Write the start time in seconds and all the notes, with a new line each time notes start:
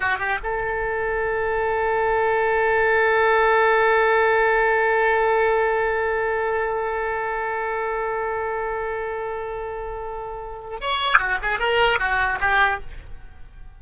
0.00 F#4
0.18 G4
0.43 A4
10.80 C#5
11.18 F#4
11.42 G#4
11.59 A#4
11.99 F#4
12.40 G4